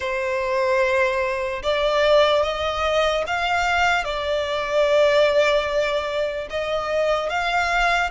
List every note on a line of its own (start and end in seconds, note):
0.00 1.62 C5
1.63 2.43 D5
2.43 3.24 D#5
3.27 4.04 F5
4.04 6.47 D5
6.49 7.29 D#5
7.29 8.10 F5